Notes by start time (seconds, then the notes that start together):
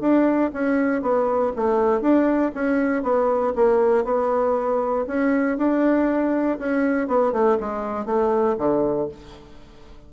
0.00 D4
0.53 C#4
1.02 B3
1.56 A3
2.01 D4
2.54 C#4
3.02 B3
3.55 A#3
4.04 B3
5.07 C#4
5.57 D4
6.58 C#4
7.07 B3
7.32 A3
7.60 G#3
8.05 A3
8.58 D3